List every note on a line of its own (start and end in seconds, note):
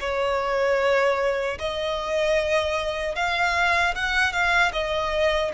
0.00 1.58 C#5
1.59 3.15 D#5
3.15 3.94 F5
3.95 4.32 F#5
4.32 4.72 F5
4.72 5.51 D#5